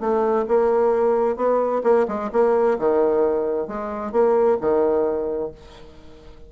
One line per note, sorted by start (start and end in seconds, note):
0.00 0.45 A3
0.48 1.36 A#3
1.36 1.82 B3
1.84 2.06 A#3
2.08 2.31 G#3
2.32 2.78 A#3
2.79 3.68 D#3
3.68 4.12 G#3
4.12 4.57 A#3
4.61 5.52 D#3